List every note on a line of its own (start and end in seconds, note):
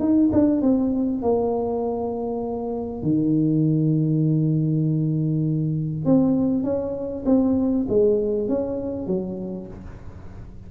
0.00 0.30 D#4
0.33 0.62 D4
0.62 1.22 C4
1.22 3.03 A#3
3.03 6.06 D#3
6.06 6.64 C4
6.64 7.25 C#4
7.26 7.87 C4
7.89 8.49 G#3
8.49 9.07 C#4
9.07 9.68 F#3